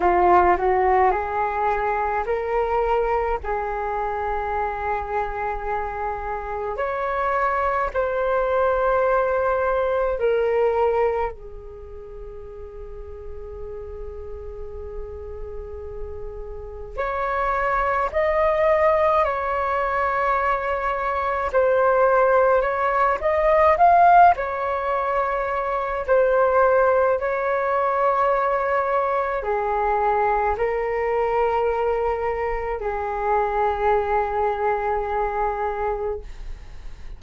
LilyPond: \new Staff \with { instrumentName = "flute" } { \time 4/4 \tempo 4 = 53 f'8 fis'8 gis'4 ais'4 gis'4~ | gis'2 cis''4 c''4~ | c''4 ais'4 gis'2~ | gis'2. cis''4 |
dis''4 cis''2 c''4 | cis''8 dis''8 f''8 cis''4. c''4 | cis''2 gis'4 ais'4~ | ais'4 gis'2. | }